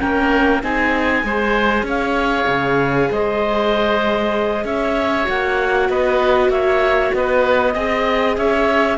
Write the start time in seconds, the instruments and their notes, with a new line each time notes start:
0.00 cello A#3, viola C#4, oboe A#4, clarinet G5
0.63 cello C4, viola D#4, oboe G#4, clarinet G#5
1.24 cello G#3, viola G#4, oboe C5
1.83 cello C#4, oboe C#5
1.89 clarinet F5
2.48 cello C#3
3.12 cello G#3, oboe C5, clarinet D#5
4.65 cello C#4, oboe C#5, clarinet E5
5.24 cello A#3, viola F#4, clarinet F#5
5.90 cello B3, oboe B4, clarinet D#5
6.49 cello A#3, oboe C#5, clarinet E5
7.14 cello B3, oboe B4, clarinet D#5
7.74 cello C4, viola G#4, oboe D#5
8.38 cello C#4, oboe C#5, clarinet E5